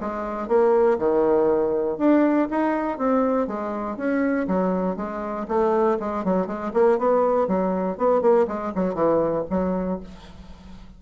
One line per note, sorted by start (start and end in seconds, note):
0.00 0.48 G#3
0.48 0.98 A#3
0.98 1.97 D#3
1.97 2.48 D4
2.50 2.98 D#4
2.98 3.47 C4
3.47 3.97 G#3
3.97 4.47 C#4
4.47 4.96 F#3
4.96 5.46 G#3
5.47 5.97 A3
5.99 6.24 G#3
6.24 6.46 F#3
6.46 6.71 G#3
6.73 6.98 A#3
6.98 7.47 B3
7.47 7.97 F#3
7.97 8.21 B3
8.21 8.46 A#3
8.47 8.72 G#3
8.75 8.94 F#3
8.94 9.44 E3
9.50 10.00 F#3